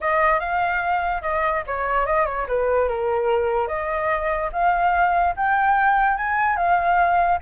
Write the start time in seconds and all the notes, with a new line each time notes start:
0.00 D#5
0.39 F5
1.22 D#5
1.66 C#5
2.06 D#5
2.26 C#5
2.48 B4
2.88 A#4
3.67 D#5
4.52 F5
5.36 G5
6.17 G#5
6.56 F5